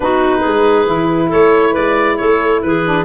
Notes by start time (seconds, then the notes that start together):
0.00 B3 D#4 F#4 B4
0.39 G#4
0.46 G#3
0.86 E3 E4
1.28 A3 A4 C#5
1.72 G#3 B4 D5
2.17 A3 A4 C#5
2.62 E3 G#4 B4
2.84 D4